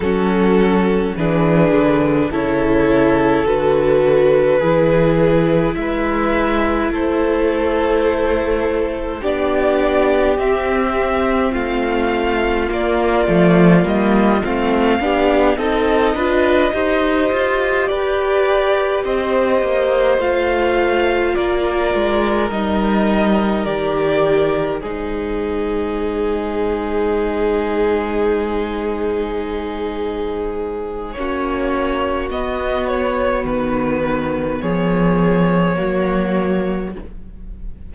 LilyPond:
<<
  \new Staff \with { instrumentName = "violin" } { \time 4/4 \tempo 4 = 52 a'4 b'4 cis''4 b'4~ | b'4 e''4 c''2 | d''4 e''4 f''4 d''4 | dis''8 f''4 dis''2 d''8~ |
d''8 dis''4 f''4 d''4 dis''8~ | dis''8 d''4 c''2~ c''8~ | c''2. cis''4 | dis''8 cis''8 b'4 cis''2 | }
  \new Staff \with { instrumentName = "violin" } { \time 4/4 fis'4 gis'4 a'2 | gis'4 b'4 a'2 | g'2 f'2~ | f'4 g'8 a'8 b'8 c''4 b'8~ |
b'8 c''2 ais'4.~ | ais'4. gis'2~ gis'8~ | gis'2. fis'4~ | fis'2 gis'4 fis'4 | }
  \new Staff \with { instrumentName = "viola" } { \time 4/4 cis'4 d'4 e'4 fis'4 | e'1 | d'4 c'2 ais8 a8 | ais8 c'8 d'8 dis'8 f'8 g'4.~ |
g'4. f'2 dis'8~ | dis'8 g'4 dis'2~ dis'8~ | dis'2. cis'4 | b2. ais4 | }
  \new Staff \with { instrumentName = "cello" } { \time 4/4 fis4 e8 d8 cis4 d4 | e4 gis4 a2 | b4 c'4 a4 ais8 f8 | g8 a8 b8 c'8 d'8 dis'8 f'8 g'8~ |
g'8 c'8 ais8 a4 ais8 gis8 g8~ | g8 dis4 gis2~ gis8~ | gis2. ais4 | b4 dis4 f4 fis4 | }
>>